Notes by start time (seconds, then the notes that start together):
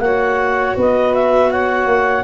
0.00 A#3 F#4 C#5 F#5
0.77 B3 B4 D#5
1.15 E5
1.50 C#5 F#5
1.87 A#3